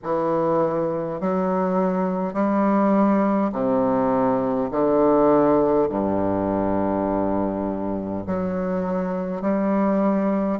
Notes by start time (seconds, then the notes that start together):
0.03 E3
1.20 F#3
2.33 G3
3.52 C3
4.71 D3
5.89 G2
8.27 F#3
9.41 G3